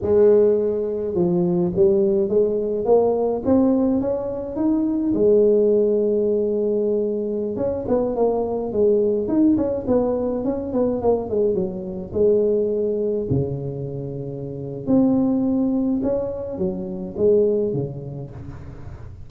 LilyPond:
\new Staff \with { instrumentName = "tuba" } { \time 4/4 \tempo 4 = 105 gis2 f4 g4 | gis4 ais4 c'4 cis'4 | dis'4 gis2.~ | gis4~ gis16 cis'8 b8 ais4 gis8.~ |
gis16 dis'8 cis'8 b4 cis'8 b8 ais8 gis16~ | gis16 fis4 gis2 cis8.~ | cis2 c'2 | cis'4 fis4 gis4 cis4 | }